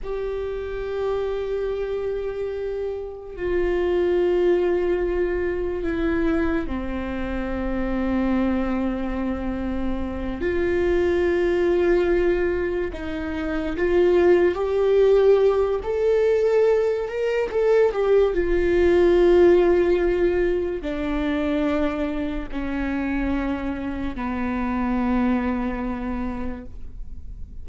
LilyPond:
\new Staff \with { instrumentName = "viola" } { \time 4/4 \tempo 4 = 72 g'1 | f'2. e'4 | c'1~ | c'8 f'2. dis'8~ |
dis'8 f'4 g'4. a'4~ | a'8 ais'8 a'8 g'8 f'2~ | f'4 d'2 cis'4~ | cis'4 b2. | }